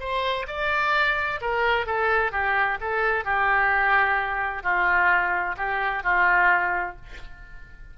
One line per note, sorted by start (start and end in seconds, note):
0.00 0.47 C5
0.48 1.41 D5
1.41 1.86 A#4
1.86 2.32 A4
2.32 2.79 G4
2.81 3.25 A4
3.25 4.63 G4
4.63 5.56 F4
5.57 6.04 G4
6.04 6.97 F4